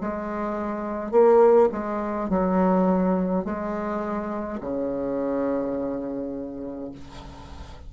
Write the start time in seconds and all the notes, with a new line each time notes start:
0.00 G#3
1.11 A#3
1.72 G#3
2.29 F#3
3.44 G#3
4.60 C#3